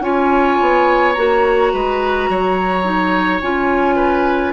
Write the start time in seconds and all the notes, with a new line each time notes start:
0.00 C#4 F4 C#5 G#5
0.60 B3
1.12 A#3 F#4 A#5
1.72 G#3 B4
2.29 F#3 C#5
2.84 D#4
3.41 C#4 F4 G#5
3.95 B4